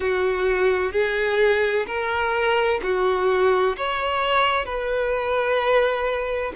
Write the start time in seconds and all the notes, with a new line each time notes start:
0.00 F#4
0.92 G#4
1.86 A#4
2.82 F#4
3.77 C#5
4.64 B4